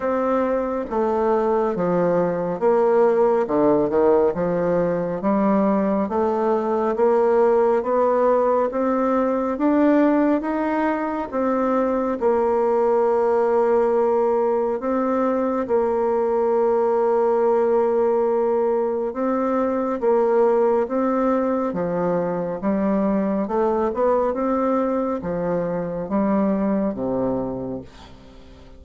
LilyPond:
\new Staff \with { instrumentName = "bassoon" } { \time 4/4 \tempo 4 = 69 c'4 a4 f4 ais4 | d8 dis8 f4 g4 a4 | ais4 b4 c'4 d'4 | dis'4 c'4 ais2~ |
ais4 c'4 ais2~ | ais2 c'4 ais4 | c'4 f4 g4 a8 b8 | c'4 f4 g4 c4 | }